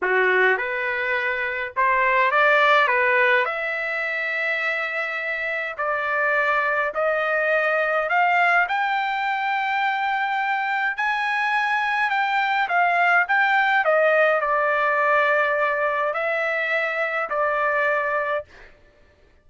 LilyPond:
\new Staff \with { instrumentName = "trumpet" } { \time 4/4 \tempo 4 = 104 fis'4 b'2 c''4 | d''4 b'4 e''2~ | e''2 d''2 | dis''2 f''4 g''4~ |
g''2. gis''4~ | gis''4 g''4 f''4 g''4 | dis''4 d''2. | e''2 d''2 | }